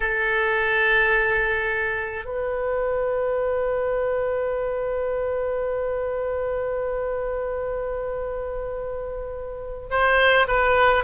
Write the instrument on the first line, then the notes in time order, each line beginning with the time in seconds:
oboe
0.00 A4
2.24 B4
9.90 C5
10.47 B4